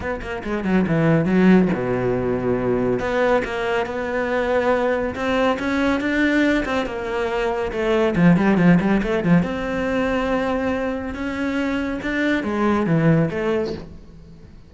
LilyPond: \new Staff \with { instrumentName = "cello" } { \time 4/4 \tempo 4 = 140 b8 ais8 gis8 fis8 e4 fis4 | b,2. b4 | ais4 b2. | c'4 cis'4 d'4. c'8 |
ais2 a4 f8 g8 | f8 g8 a8 f8 c'2~ | c'2 cis'2 | d'4 gis4 e4 a4 | }